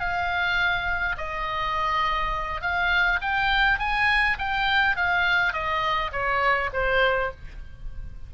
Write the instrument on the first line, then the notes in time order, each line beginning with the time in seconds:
oboe
0.00 F5
1.18 D#5
2.62 F5
3.22 G5
3.79 G#5
4.39 G5
4.96 F5
5.53 D#5
6.12 C#5
6.73 C5